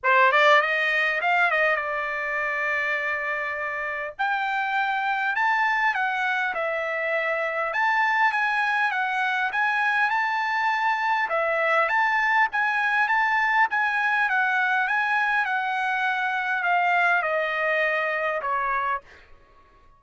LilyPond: \new Staff \with { instrumentName = "trumpet" } { \time 4/4 \tempo 4 = 101 c''8 d''8 dis''4 f''8 dis''8 d''4~ | d''2. g''4~ | g''4 a''4 fis''4 e''4~ | e''4 a''4 gis''4 fis''4 |
gis''4 a''2 e''4 | a''4 gis''4 a''4 gis''4 | fis''4 gis''4 fis''2 | f''4 dis''2 cis''4 | }